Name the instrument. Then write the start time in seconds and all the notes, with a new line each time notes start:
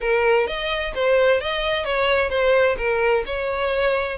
violin
0.00 A#4
0.47 D#5
0.95 C5
1.40 D#5
1.84 C#5
2.29 C5
2.77 A#4
3.26 C#5